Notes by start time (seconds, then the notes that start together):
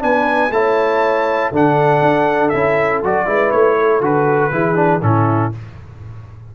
0.00 B3 D4 B4 G#5
0.50 A3 E4 C#5 A5
1.52 D3 D4 A4 F#5
2.02 D4
2.50 C#4 E4 E5
3.03 F#3 F#4 D5
3.27 G#3 E4 B4
3.52 A3 C#5
3.79 A4
4.01 D3 F#4 B4
4.52 E3 E4 G#4
4.75 D4
5.02 A2 C#4 E4 A4